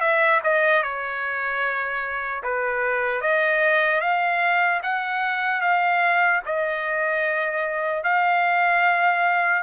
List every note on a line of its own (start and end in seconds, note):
0.00 0.40 E5
0.43 0.83 D#5
0.83 2.43 C#5
2.43 3.21 B4
3.21 4.00 D#5
4.00 4.80 F5
4.83 5.61 F#5
5.61 6.41 F5
6.45 8.03 D#5
8.03 9.63 F5